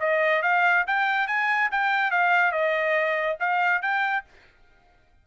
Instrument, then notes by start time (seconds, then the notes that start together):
trumpet
0.00 D#5
0.42 F5
0.87 G5
1.27 G#5
1.71 G5
2.11 F5
2.52 D#5
3.40 F5
3.82 G5